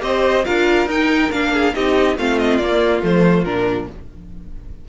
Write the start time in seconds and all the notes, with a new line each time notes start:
0.00 C4 G4 C5 D#5
0.44 D4 F4 A#4 F5
0.86 D#4 G5
1.31 A#3 D4 F5
1.52 G#4
1.73 C4 D#4 G4 D#5
2.17 A3 C4 F4 F5
2.38 D#5
2.57 A#3 D5
3.02 F3 A3 C5
3.44 A#2 D4 A#4